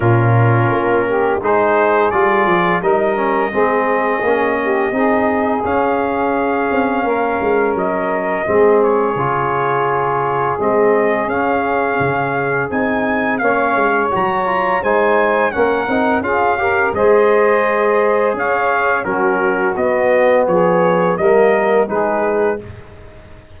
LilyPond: <<
  \new Staff \with { instrumentName = "trumpet" } { \time 4/4 \tempo 4 = 85 ais'2 c''4 d''4 | dis''1 | f''2. dis''4~ | dis''8 cis''2~ cis''8 dis''4 |
f''2 gis''4 f''4 | ais''4 gis''4 fis''4 f''4 | dis''2 f''4 ais'4 | dis''4 cis''4 dis''4 b'4 | }
  \new Staff \with { instrumentName = "saxophone" } { \time 4/4 f'4. g'8 gis'2 | ais'4 gis'4. g'8 gis'4~ | gis'2 ais'2 | gis'1~ |
gis'2. cis''4~ | cis''4 c''4 ais'4 gis'8 ais'8 | c''2 cis''4 fis'4~ | fis'4 gis'4 ais'4 gis'4 | }
  \new Staff \with { instrumentName = "trombone" } { \time 4/4 cis'2 dis'4 f'4 | dis'8 cis'8 c'4 cis'4 dis'4 | cis'1 | c'4 f'2 c'4 |
cis'2 dis'4 cis'4 | fis'8 f'8 dis'4 cis'8 dis'8 f'8 g'8 | gis'2. cis'4 | b2 ais4 dis'4 | }
  \new Staff \with { instrumentName = "tuba" } { \time 4/4 ais,4 ais4 gis4 g8 f8 | g4 gis4 ais4 c'4 | cis'4. c'8 ais8 gis8 fis4 | gis4 cis2 gis4 |
cis'4 cis4 c'4 ais8 gis8 | fis4 gis4 ais8 c'8 cis'4 | gis2 cis'4 fis4 | b4 f4 g4 gis4 | }
>>